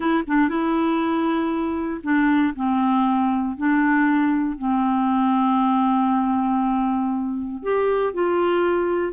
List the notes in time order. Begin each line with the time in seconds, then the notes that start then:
0.00 E4
0.27 D4
0.48 E4
2.03 D4
2.55 C4
3.57 D4
4.57 C4
7.62 G4
8.13 F4